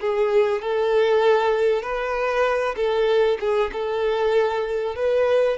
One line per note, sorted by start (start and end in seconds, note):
0.00 0.61 G#4
0.61 1.82 A4
1.82 2.75 B4
2.76 3.38 A4
3.39 3.70 G#4
3.72 4.95 A4
4.95 5.57 B4